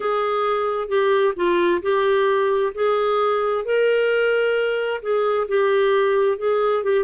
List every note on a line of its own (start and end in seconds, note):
0.00 0.88 G#4
0.88 1.33 G4
1.36 1.81 F4
1.82 2.73 G4
2.74 3.64 G#4
3.64 5.01 A#4
5.02 5.47 G#4
5.48 6.38 G4
6.38 6.83 G#4
6.83 7.04 G4